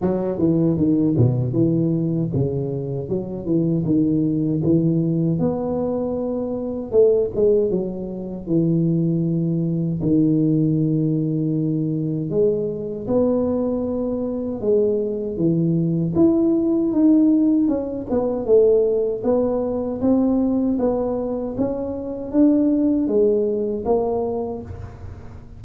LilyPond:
\new Staff \with { instrumentName = "tuba" } { \time 4/4 \tempo 4 = 78 fis8 e8 dis8 b,8 e4 cis4 | fis8 e8 dis4 e4 b4~ | b4 a8 gis8 fis4 e4~ | e4 dis2. |
gis4 b2 gis4 | e4 e'4 dis'4 cis'8 b8 | a4 b4 c'4 b4 | cis'4 d'4 gis4 ais4 | }